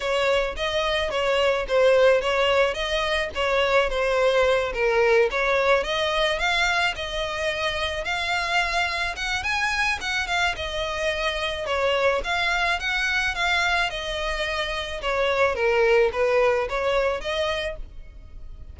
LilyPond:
\new Staff \with { instrumentName = "violin" } { \time 4/4 \tempo 4 = 108 cis''4 dis''4 cis''4 c''4 | cis''4 dis''4 cis''4 c''4~ | c''8 ais'4 cis''4 dis''4 f''8~ | f''8 dis''2 f''4.~ |
f''8 fis''8 gis''4 fis''8 f''8 dis''4~ | dis''4 cis''4 f''4 fis''4 | f''4 dis''2 cis''4 | ais'4 b'4 cis''4 dis''4 | }